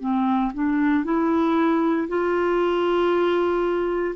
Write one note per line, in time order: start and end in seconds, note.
0.00 0.52 C4
0.54 1.04 D4
1.04 2.07 E4
2.08 4.15 F4